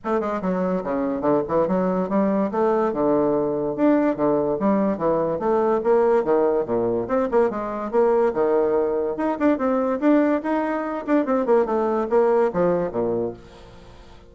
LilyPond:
\new Staff \with { instrumentName = "bassoon" } { \time 4/4 \tempo 4 = 144 a8 gis8 fis4 cis4 d8 e8 | fis4 g4 a4 d4~ | d4 d'4 d4 g4 | e4 a4 ais4 dis4 |
ais,4 c'8 ais8 gis4 ais4 | dis2 dis'8 d'8 c'4 | d'4 dis'4. d'8 c'8 ais8 | a4 ais4 f4 ais,4 | }